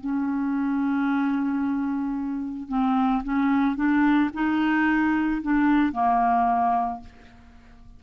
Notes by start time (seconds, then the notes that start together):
0.00 C#4
2.68 C4
3.23 C#4
3.75 D4
4.33 D#4
5.42 D4
5.92 A#3